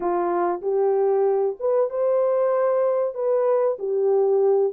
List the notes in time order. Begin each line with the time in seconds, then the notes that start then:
0.00 F4
0.61 G4
1.59 B4
1.89 C5
3.14 B4
3.79 G4